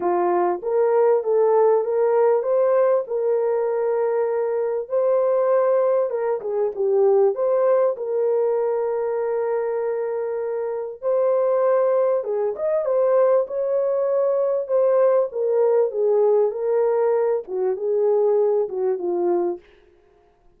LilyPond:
\new Staff \with { instrumentName = "horn" } { \time 4/4 \tempo 4 = 98 f'4 ais'4 a'4 ais'4 | c''4 ais'2. | c''2 ais'8 gis'8 g'4 | c''4 ais'2.~ |
ais'2 c''2 | gis'8 dis''8 c''4 cis''2 | c''4 ais'4 gis'4 ais'4~ | ais'8 fis'8 gis'4. fis'8 f'4 | }